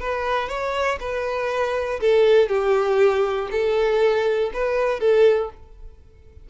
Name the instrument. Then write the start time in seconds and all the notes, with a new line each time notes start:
violin
0.00 B4
0.49 C#5
1.00 B4
2.00 A4
2.49 G4
3.51 A4
4.53 B4
5.00 A4